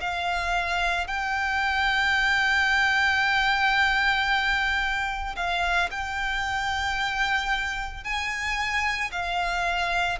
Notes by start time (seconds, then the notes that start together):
0.00 F5
1.07 G5
5.36 F5
5.90 G5
8.04 G#5
9.11 F5